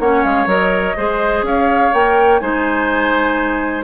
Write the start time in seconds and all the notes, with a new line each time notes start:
0.00 A#3 C#4 C#5 F#5
0.24 G#3 F5
0.46 F#3 A#4 D#5
0.97 G#3 G#4 C5
1.43 C#4 C#5 F5
1.93 A#3 A#4 G5
2.40 G#3 D#4 C5 G#5